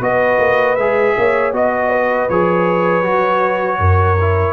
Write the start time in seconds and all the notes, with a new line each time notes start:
0.00 B3 F#4 B4 D#5
0.39 A#3
0.75 G#3 G#4 E5
1.17 A#3 C#5
1.53 B3 F#4 D#5
1.90 B4
2.29 F3 G#4 C#5
3.03 F#3 F#4
3.79 F#2 A#4
4.21 E4